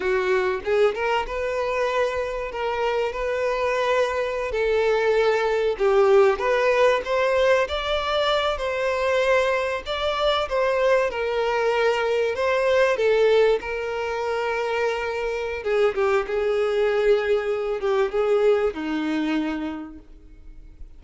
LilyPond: \new Staff \with { instrumentName = "violin" } { \time 4/4 \tempo 4 = 96 fis'4 gis'8 ais'8 b'2 | ais'4 b'2~ b'16 a'8.~ | a'4~ a'16 g'4 b'4 c''8.~ | c''16 d''4. c''2 d''16~ |
d''8. c''4 ais'2 c''16~ | c''8. a'4 ais'2~ ais'16~ | ais'4 gis'8 g'8 gis'2~ | gis'8 g'8 gis'4 dis'2 | }